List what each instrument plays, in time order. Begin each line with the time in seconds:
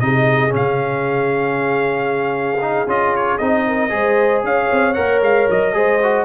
0.00 tuba C3, trombone D#4, horn G#4, trumpet D#5
0.49 trombone C#4
0.55 tuba C#3, trumpet F5
2.61 trombone D#4
2.86 tuba C#4, trombone F4, trumpet D#5
3.16 trumpet C#5
3.38 tuba C4, trombone D#4, trumpet D#5
3.67 horn A#4
3.90 tuba G#3, trombone G#4, horn C5
4.43 tuba C#4, horn C#5, trumpet F5
4.72 tuba C4
4.93 tuba A#3, trombone A#4, trumpet F#5
5.21 tuba G#3, trumpet F5
5.50 tuba F#3, trumpet D#5
5.73 tuba G#3, trombone G#4, horn C5
6.03 trombone F#4